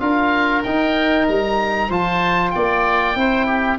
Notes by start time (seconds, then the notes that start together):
0.00 D4 F4 A#4 F5
0.63 D#4 G5
1.29 G3 A#5
1.89 F3 F4 C5 A5
2.51 A#3 D5 G5
3.16 C4 E4 C5
3.47 G4